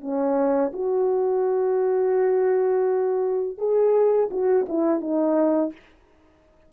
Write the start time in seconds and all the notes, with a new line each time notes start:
0.00 C#4
0.73 F#4
3.57 G#4
4.30 F#4
4.68 E4
5.00 D#4